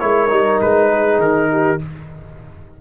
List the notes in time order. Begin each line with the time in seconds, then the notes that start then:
0.00 G#3 E4 A#4 C#5
0.29 G3 D#4
0.61 G#3 B4
0.91 G#4
1.19 D#3 A#4
1.52 G4